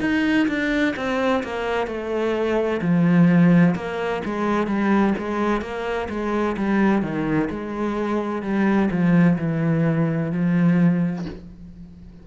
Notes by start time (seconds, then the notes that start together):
0.00 D#4
0.47 D4
0.96 C4
1.43 A#3
1.87 A3
2.81 F3
3.75 A#3
4.24 G#3
4.66 G3
5.18 G#3
5.61 A#3
6.09 G#3
6.56 G3
7.02 D#3
7.50 G#3
8.42 G3
8.91 F3
9.38 E3
10.31 F3